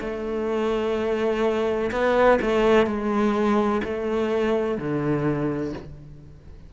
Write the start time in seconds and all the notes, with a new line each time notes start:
0.00 A3
1.91 B3
2.41 A3
2.86 G#3
3.84 A3
4.78 D3